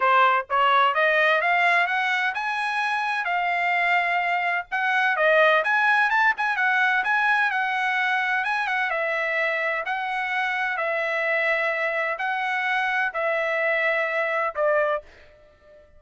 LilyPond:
\new Staff \with { instrumentName = "trumpet" } { \time 4/4 \tempo 4 = 128 c''4 cis''4 dis''4 f''4 | fis''4 gis''2 f''4~ | f''2 fis''4 dis''4 | gis''4 a''8 gis''8 fis''4 gis''4 |
fis''2 gis''8 fis''8 e''4~ | e''4 fis''2 e''4~ | e''2 fis''2 | e''2. d''4 | }